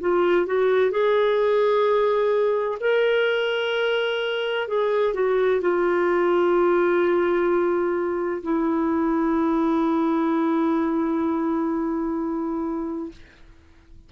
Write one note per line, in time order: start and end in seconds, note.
0.00 0.46 F4
0.46 0.91 F#4
0.91 2.78 G#4
2.80 4.67 A#4
4.67 5.14 G#4
5.14 5.61 F#4
5.61 8.42 F4
8.42 13.11 E4